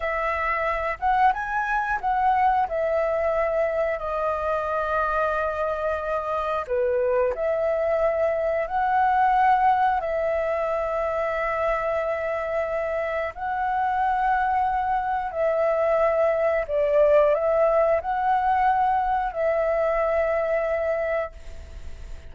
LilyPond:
\new Staff \with { instrumentName = "flute" } { \time 4/4 \tempo 4 = 90 e''4. fis''8 gis''4 fis''4 | e''2 dis''2~ | dis''2 b'4 e''4~ | e''4 fis''2 e''4~ |
e''1 | fis''2. e''4~ | e''4 d''4 e''4 fis''4~ | fis''4 e''2. | }